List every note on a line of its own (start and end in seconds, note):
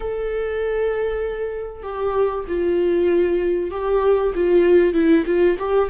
0.00 1.82 A4
1.82 2.44 G4
2.47 3.70 F4
3.70 4.32 G4
4.35 4.93 F4
4.93 5.24 E4
5.26 5.57 F4
5.58 5.89 G4